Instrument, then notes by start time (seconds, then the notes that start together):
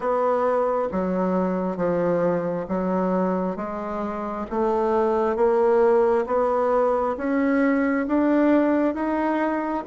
bassoon
0.00 B3
0.91 F#3
1.77 F3
2.68 F#3
3.56 G#3
4.50 A3
5.35 A#3
6.26 B3
7.16 C#4
8.07 D4
8.94 D#4